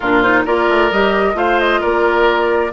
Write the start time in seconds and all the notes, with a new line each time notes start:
0.00 A#2 D4 F4 A#4
0.21 D#4 C5
0.45 A#3 F4 A#4 D5
0.68 A3
0.91 G3 G4 D#5
1.34 A3 F4 C5 F5
1.59 D#5
1.80 A#3 A#4 D5